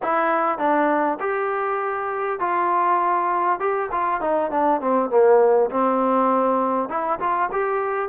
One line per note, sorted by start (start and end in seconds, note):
0.02 0.58 E4
0.58 1.18 D4
1.20 2.39 G4
2.39 3.59 F4
3.59 3.89 G4
3.91 4.20 F4
4.20 4.50 D#4
4.50 4.80 D4
4.80 5.10 C4
5.10 5.70 A#3
5.71 6.89 C4
6.89 7.19 E4
7.19 7.49 F4
7.52 8.08 G4